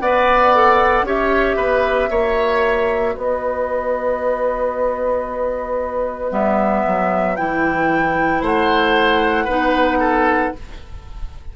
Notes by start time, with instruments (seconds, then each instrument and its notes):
0.00 bassoon B3, clarinet B4, oboe D5, flute F#5
0.55 clarinet A4
1.03 bassoon C#4, clarinet G4, oboe C#5, flute E5
1.57 bassoon B3, oboe B4
2.11 bassoon A#3, clarinet F#4, oboe C#5
3.15 bassoon B3, oboe B4, flute D#5
6.31 bassoon G3, clarinet B3, flute E5
6.87 bassoon F#3
7.37 bassoon E3, clarinet E4, flute G5
8.41 bassoon A3, oboe C5, flute F#5
9.45 bassoon B3, clarinet D#4, oboe B4
10.01 oboe A4